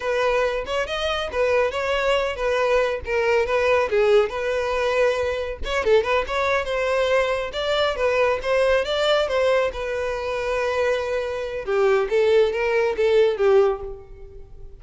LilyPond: \new Staff \with { instrumentName = "violin" } { \time 4/4 \tempo 4 = 139 b'4. cis''8 dis''4 b'4 | cis''4. b'4. ais'4 | b'4 gis'4 b'2~ | b'4 cis''8 a'8 b'8 cis''4 c''8~ |
c''4. d''4 b'4 c''8~ | c''8 d''4 c''4 b'4.~ | b'2. g'4 | a'4 ais'4 a'4 g'4 | }